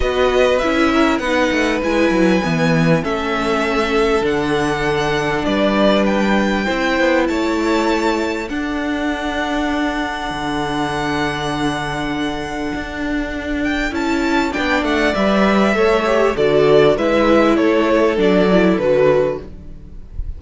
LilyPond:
<<
  \new Staff \with { instrumentName = "violin" } { \time 4/4 \tempo 4 = 99 dis''4 e''4 fis''4 gis''4~ | gis''4 e''2 fis''4~ | fis''4 d''4 g''2 | a''2 fis''2~ |
fis''1~ | fis''2~ fis''8 g''8 a''4 | g''8 fis''8 e''2 d''4 | e''4 cis''4 d''4 b'4 | }
  \new Staff \with { instrumentName = "violin" } { \time 4/4 b'4. ais'8 b'2~ | b'4 a'2.~ | a'4 b'2 c''4 | cis''2 a'2~ |
a'1~ | a'1 | d''2 cis''4 a'4 | b'4 a'2. | }
  \new Staff \with { instrumentName = "viola" } { \time 4/4 fis'4 e'4 dis'4 e'4 | b4 cis'2 d'4~ | d'2. e'4~ | e'2 d'2~ |
d'1~ | d'2. e'4 | d'4 b'4 a'8 g'8 fis'4 | e'2 d'8 e'8 fis'4 | }
  \new Staff \with { instrumentName = "cello" } { \time 4/4 b4 cis'4 b8 a8 gis8 fis8 | e4 a2 d4~ | d4 g2 c'8 b8 | a2 d'2~ |
d'4 d2.~ | d4 d'2 cis'4 | b8 a8 g4 a4 d4 | gis4 a4 fis4 d4 | }
>>